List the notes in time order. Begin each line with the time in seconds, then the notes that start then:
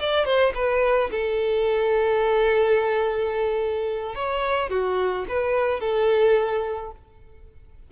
0.00 D5
0.25 C5
0.55 B4
1.11 A4
4.15 C#5
4.70 F#4
5.29 B4
5.81 A4